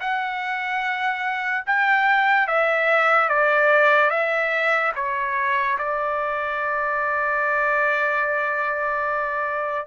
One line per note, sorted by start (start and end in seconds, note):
0.00 1.64 F#5
1.66 2.47 G5
2.47 3.28 E5
3.28 4.10 D5
4.10 4.92 E5
4.95 5.77 C#5
5.78 9.86 D5